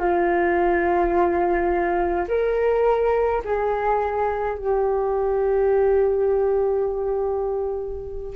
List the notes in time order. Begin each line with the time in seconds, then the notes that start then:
0.00 F4
2.29 A#4
3.45 G#4
4.58 G4